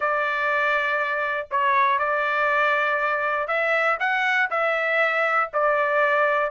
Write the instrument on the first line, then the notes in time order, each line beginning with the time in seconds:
trumpet
0.00 D5
1.50 C#5
1.98 D5
3.47 E5
3.99 F#5
4.50 E5
5.53 D5